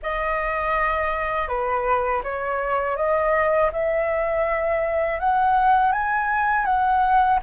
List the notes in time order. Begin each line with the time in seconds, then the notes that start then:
0.02 D#5
1.47 B4
2.23 C#5
2.96 D#5
3.72 E5
5.19 F#5
5.92 G#5
6.65 F#5